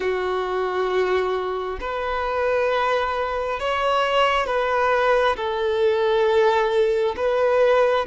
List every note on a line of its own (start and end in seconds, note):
0.00 1.79 F#4
1.80 3.59 B4
3.59 4.46 C#5
4.46 5.36 B4
5.36 7.15 A4
7.16 8.06 B4